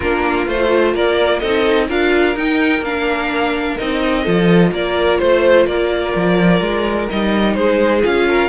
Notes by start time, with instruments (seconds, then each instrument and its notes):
0.00 cello A#3, viola D4, violin F4 A#4
0.47 cello A3, viola F4, violin C5
0.94 cello A#3, violin A#4 D5
1.39 cello C4, viola D#4, violin A4 D#5
1.87 cello D4, viola F4, violin A#4 F5
2.35 cello D#4, viola D#4, violin G5
2.81 cello A#3, viola D4, violin F5
3.77 cello C4, viola D#4, violin D#5
4.23 cello F3, viola F4, violin A4
4.71 cello A#3, violin A#4 D5
5.19 cello A3, violin C5
5.66 cello A#3, violin A#4 D5
6.15 cello F3
6.60 cello G#3
7.08 cello G3, viola D#4, violin D#5
7.54 cello G#3, violin G#4 C5
8.02 cello C#4, viola F4, violin F5
8.28 violin A#4